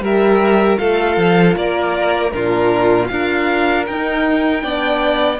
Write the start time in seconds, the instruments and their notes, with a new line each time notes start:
0.00 cello G3, horn G4, violin A#4 E5
0.77 cello A3, horn F4, violin A4 F5
1.17 cello F3
1.56 cello A#3, violin A#4 D5
2.31 cello A#2, horn D4, violin F4 A#4
3.08 cello D4, horn F4, violin A#4 F5
3.86 cello D#4, horn D#4, violin G5
4.61 cello B3, horn D4, violin D5